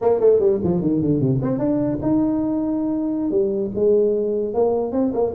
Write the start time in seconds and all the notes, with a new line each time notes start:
0.01 A#3
0.20 A3
0.39 G3
0.63 F3
0.81 D#3
1.01 D3
1.20 C3
1.42 C4
1.58 D4
2.02 D#4
3.30 G3
3.75 G#3
4.53 A#3
4.92 C4
5.13 A#3